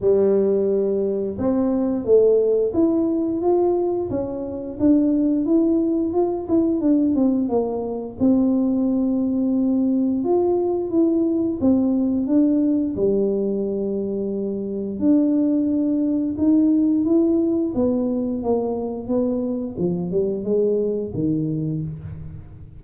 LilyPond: \new Staff \with { instrumentName = "tuba" } { \time 4/4 \tempo 4 = 88 g2 c'4 a4 | e'4 f'4 cis'4 d'4 | e'4 f'8 e'8 d'8 c'8 ais4 | c'2. f'4 |
e'4 c'4 d'4 g4~ | g2 d'2 | dis'4 e'4 b4 ais4 | b4 f8 g8 gis4 dis4 | }